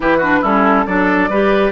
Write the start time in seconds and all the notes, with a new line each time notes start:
0.00 E3 E4 G4 B4
0.17 D4 F#4
0.41 G3 C#4 E4 A4
0.86 F#3 D4 A4 D5
1.29 G3 G4 B4